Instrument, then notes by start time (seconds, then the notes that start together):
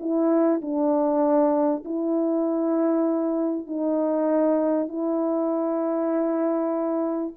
horn
0.00 E4
0.62 D4
1.85 E4
3.67 D#4
4.88 E4